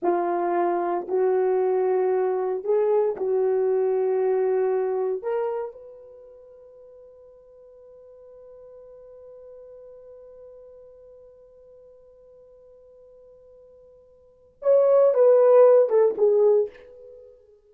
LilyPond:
\new Staff \with { instrumentName = "horn" } { \time 4/4 \tempo 4 = 115 f'2 fis'2~ | fis'4 gis'4 fis'2~ | fis'2 ais'4 b'4~ | b'1~ |
b'1~ | b'1~ | b'1 | cis''4 b'4. a'8 gis'4 | }